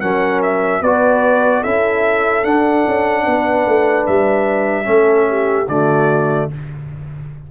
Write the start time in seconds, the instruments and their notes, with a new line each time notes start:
0.00 tuba F#3, trombone C#4, horn A#4, trumpet F#5
0.42 trumpet E5
0.81 tuba B3, trombone F#4, horn B4, trumpet D5
1.61 tuba C#4, trombone E4, horn A4, trumpet E5
2.44 tuba D4, trombone D4, trumpet F#5
2.86 tuba C#4
3.23 tuba B3, horn B4
3.66 tuba A3
4.06 tuba G3, trumpet E5
4.84 tuba A3, trombone C#4, horn A4
5.29 horn G4
5.68 tuba D3, trombone A3, horn F#4, trumpet D5